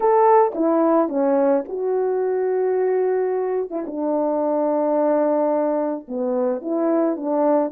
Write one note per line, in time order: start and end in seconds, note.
0.00 0.52 A4
0.54 1.09 E4
1.09 1.64 C#4
1.68 3.70 F#4
3.70 3.84 E4
3.86 6.06 D4
6.08 6.61 B3
6.61 7.16 E4
7.16 7.71 D4